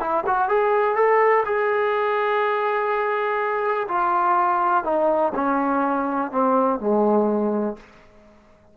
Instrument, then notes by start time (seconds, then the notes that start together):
trombone
0.00 E4
0.27 F#4
0.49 G#4
0.95 A4
1.46 G#4
3.89 F4
4.84 D#4
5.35 C#4
6.31 C4
6.80 G#3